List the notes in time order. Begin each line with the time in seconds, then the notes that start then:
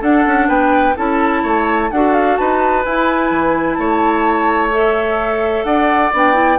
0.00 D4 A4 F#5
0.26 C#4
0.48 B3 B4 G5
0.96 C#4 E4 A4 A5
1.43 A3 C#5
1.91 D4 F#4 A4 F#5
2.13 F5
2.37 D#4 B4 A5
2.85 E4 G#5
3.31 E3
3.74 A3 C#5 A5
4.71 A4 E5
5.64 D4 D5 F#5
6.13 B3 D4 G5
6.33 E4